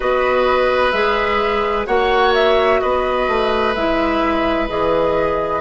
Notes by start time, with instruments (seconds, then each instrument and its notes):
0.00 bassoon B3, clarinet F#4, oboe B4, flute D#5
0.91 bassoon G#3, clarinet G#4, flute E5
1.86 bassoon A#3, clarinet F#4, oboe C#5, flute F#5
2.34 flute E5
2.80 bassoon B3, oboe B4, flute D#5
3.28 bassoon A3
3.74 bassoon G#3, clarinet E4, flute E5
4.68 bassoon E3, clarinet G#4, flute D#5